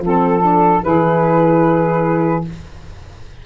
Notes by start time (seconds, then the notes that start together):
0.00 F3 C4 A4
0.06 A4
0.41 D4
0.81 E3 E4 G#4 B4